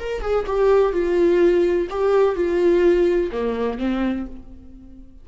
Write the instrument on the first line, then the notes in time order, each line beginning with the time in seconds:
viola
0.00 A#4
0.22 G#4
0.47 G4
0.93 F4
1.90 G4
2.36 F4
3.32 A#3
3.79 C4